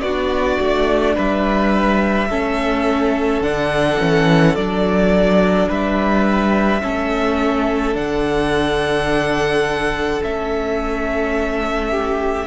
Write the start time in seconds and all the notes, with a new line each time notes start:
0.00 B3 F#4 D5
0.07 D4
0.60 A3
1.15 G3 B4 E5
2.29 A3 C#4 A4
3.40 D3 D4 F#5
3.99 E3 C#4
4.55 F#3 D4 D5
5.68 G3 B4 E5
6.81 A3 C#4 A4
7.93 D3 D4 F#5
10.22 A3 C#4 E5
11.89 G4